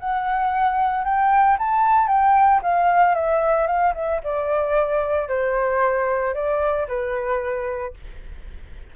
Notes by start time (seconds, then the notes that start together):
0.00 F#5
1.05 G5
1.59 A5
2.08 G5
2.63 F5
3.15 E5
3.67 F5
3.95 E5
4.24 D5
5.29 C5
6.35 D5
6.89 B4